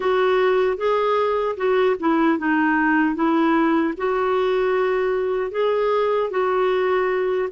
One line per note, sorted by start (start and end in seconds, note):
0.00 0.77 F#4
0.77 1.56 G#4
1.56 1.96 F#4
1.99 2.38 E4
2.38 3.15 D#4
3.15 3.94 E4
3.97 5.51 F#4
5.51 6.30 G#4
6.30 7.49 F#4